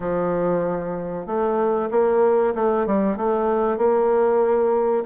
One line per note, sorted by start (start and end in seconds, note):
0.00 1.26 F3
1.26 1.89 A3
1.90 2.53 A#3
2.54 2.86 A3
2.86 3.17 G3
3.17 3.77 A3
3.77 5.04 A#3